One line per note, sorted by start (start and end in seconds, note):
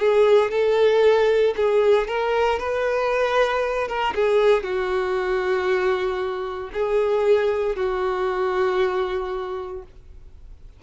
0.00 0.51 G#4
0.51 1.55 A4
1.57 2.08 G#4
2.08 2.60 A#4
2.60 3.88 B4
3.88 4.14 A#4
4.15 4.64 G#4
4.64 6.71 F#4
6.74 7.76 G#4
7.76 9.83 F#4